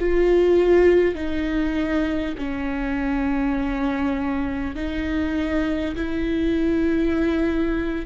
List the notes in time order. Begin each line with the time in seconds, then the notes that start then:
0.00 F4
1.15 D#4
2.38 C#4
4.76 D#4
5.96 E4